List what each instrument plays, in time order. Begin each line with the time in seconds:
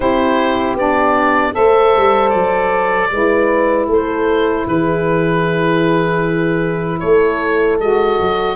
0.00 tuba C4, saxophone E4, horn G4, oboe C5
0.75 tuba B3, saxophone D4, oboe D5
1.53 tuba A3, saxophone A4, horn C5, oboe E5
1.95 tuba G3
2.30 tuba F#3, oboe D5
3.11 tuba G#3, saxophone E4, horn B4
3.87 tuba A3, horn A4, oboe C5
4.66 tuba E3, horn G#4, oboe B4
6.99 tuba A3, horn A4, oboe C#5
7.80 tuba G#3, saxophone F#4, oboe D#5
8.20 tuba F#3